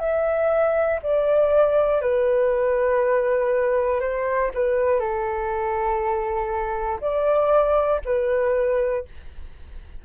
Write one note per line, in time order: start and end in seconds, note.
0.00 1.00 E5
1.03 2.02 D5
2.02 4.01 B4
4.01 4.51 C5
4.55 5.00 B4
5.00 7.00 A4
7.01 8.01 D5
8.05 9.05 B4